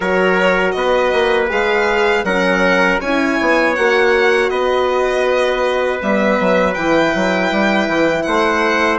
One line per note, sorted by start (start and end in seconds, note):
0.00 0.74 F#3
0.00 1.49 F#4
0.00 0.75 A#4
0.00 0.71 C#5
0.71 1.12 B3
0.71 2.25 B4
0.71 1.46 D#5
1.12 1.50 A#3
1.49 2.24 G#3
1.49 2.24 G#4
1.49 2.24 F5
2.24 2.99 F#3
2.24 3.01 C#4
2.24 3.00 A#4
2.24 2.99 F#5
3.00 3.38 C#4
3.00 3.76 E4
3.00 4.50 C#5
3.00 3.75 G#5
3.40 3.77 B3
3.75 4.50 A#3
3.75 6.01 F#4
3.75 4.49 F#5
4.49 6.00 B3
4.49 8.25 B4
4.49 5.99 D#5
6.01 6.39 G3
6.01 6.75 B3
6.01 6.74 E5
6.40 6.76 F#3
6.74 7.13 E3
6.74 8.98 E4
6.74 8.22 G5
7.15 7.51 F#3
7.51 7.88 G3
7.88 8.25 E3
8.22 8.98 A3
8.22 8.98 C5
8.22 8.97 F#5